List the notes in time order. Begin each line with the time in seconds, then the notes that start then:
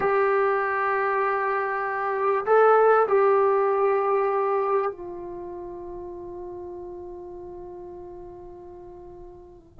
0.00 G4
2.45 A4
3.08 G4
4.91 F4